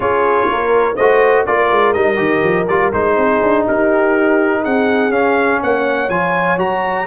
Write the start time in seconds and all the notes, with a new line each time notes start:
0.00 C#4 F4 G#4 C#5
0.48 A#3 A#4
0.96 A3 F#4 C5 D#5
1.46 A#3 F4 A#4 D5
1.71 G#3
1.93 G3 D#4 D#5
2.16 D#3 G4
2.43 F3
2.67 G3 F4 D5
2.92 G#3 D#4 C5
3.16 C4 G#4
3.42 D4
3.66 D#4 G4 A#4
4.61 C4 G#4 F#5
5.09 C#4 F5
5.62 A#3 C#5 F#5
6.09 F3 F4 G#5
6.57 F#3 F#4 A#5